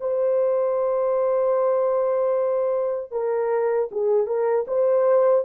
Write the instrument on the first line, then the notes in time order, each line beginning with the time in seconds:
horn
0.00 C5
3.11 A#4
3.91 G#4
4.26 A#4
4.67 C5